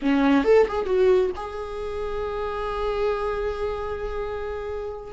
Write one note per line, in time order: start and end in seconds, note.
0.02 0.44 C#4
0.44 0.66 A4
0.68 0.85 G#4
0.85 1.30 F#4
1.36 5.13 G#4